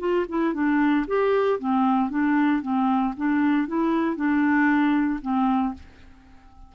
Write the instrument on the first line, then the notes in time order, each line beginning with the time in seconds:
clarinet
0.00 F4
0.29 E4
0.54 D4
1.08 G4
1.60 C4
2.10 D4
2.63 C4
3.17 D4
3.68 E4
4.16 D4
5.22 C4